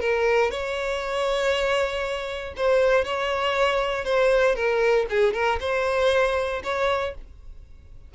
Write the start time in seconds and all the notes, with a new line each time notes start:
0.00 A#4
0.51 C#5
2.57 C5
3.05 C#5
4.04 C5
4.56 A#4
5.10 G#4
5.33 A#4
5.60 C5
6.64 C#5